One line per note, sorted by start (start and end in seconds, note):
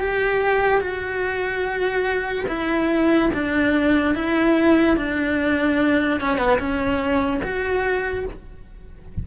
0.00 0.81 G4
0.81 2.45 F#4
2.48 3.30 E4
3.34 4.15 D4
4.15 4.97 E4
4.97 6.20 D4
6.21 6.38 C#4
6.38 6.58 B3
6.59 7.41 C#4
7.43 8.25 F#4